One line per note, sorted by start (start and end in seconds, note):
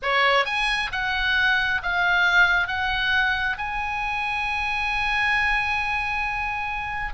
0.02 0.45 C#5
0.45 0.90 G#5
0.92 1.81 F#5
1.82 2.67 F5
2.67 3.57 F#5
3.57 7.13 G#5